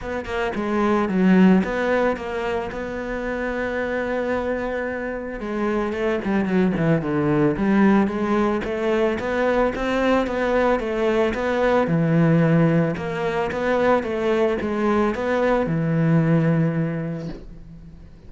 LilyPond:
\new Staff \with { instrumentName = "cello" } { \time 4/4 \tempo 4 = 111 b8 ais8 gis4 fis4 b4 | ais4 b2.~ | b2 gis4 a8 g8 | fis8 e8 d4 g4 gis4 |
a4 b4 c'4 b4 | a4 b4 e2 | ais4 b4 a4 gis4 | b4 e2. | }